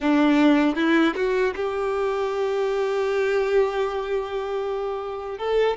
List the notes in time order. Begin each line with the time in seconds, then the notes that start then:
0.00 D4
0.75 E4
1.15 F#4
1.55 G4
5.38 A4